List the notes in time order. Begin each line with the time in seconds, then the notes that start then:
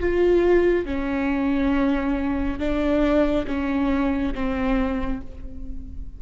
0.00 F4
0.85 C#4
2.59 D4
3.47 C#4
4.35 C4